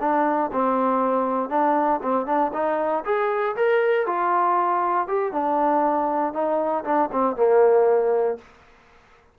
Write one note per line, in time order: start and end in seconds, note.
0.00 0.51 D4
0.52 1.50 C4
1.50 2.00 D4
2.03 2.26 C4
2.26 2.52 D4
2.53 3.04 D#4
3.05 3.56 G#4
3.56 4.07 A#4
4.07 5.08 F4
5.08 5.33 G4
5.33 6.33 D4
6.33 6.84 D#4
6.84 7.10 D4
7.12 7.36 C4
7.36 8.38 A#3